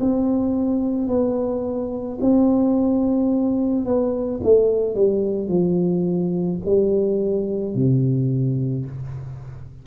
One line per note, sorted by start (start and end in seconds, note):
0.00 1.08 C4
1.08 2.19 B3
2.21 3.85 C4
3.85 4.40 B3
4.43 4.95 A3
4.95 5.48 G3
5.48 6.60 F3
6.65 7.75 G3
7.75 8.86 C3